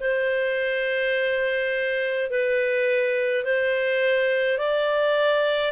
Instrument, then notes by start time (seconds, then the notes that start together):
clarinet
0.00 C5
2.30 B4
3.44 C5
4.58 D5